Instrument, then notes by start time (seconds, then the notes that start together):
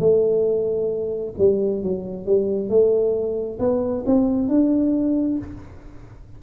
tuba
0.00 A3
1.38 G3
1.84 F#3
2.26 G3
2.70 A3
3.59 B3
4.06 C4
4.49 D4